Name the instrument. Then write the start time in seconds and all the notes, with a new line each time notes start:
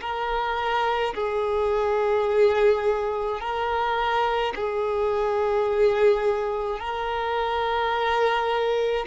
violin
0.00 A#4
1.14 G#4
3.40 A#4
4.55 G#4
6.79 A#4